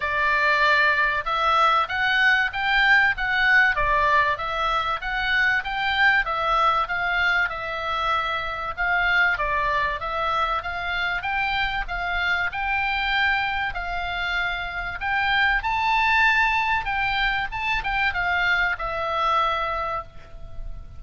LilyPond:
\new Staff \with { instrumentName = "oboe" } { \time 4/4 \tempo 4 = 96 d''2 e''4 fis''4 | g''4 fis''4 d''4 e''4 | fis''4 g''4 e''4 f''4 | e''2 f''4 d''4 |
e''4 f''4 g''4 f''4 | g''2 f''2 | g''4 a''2 g''4 | a''8 g''8 f''4 e''2 | }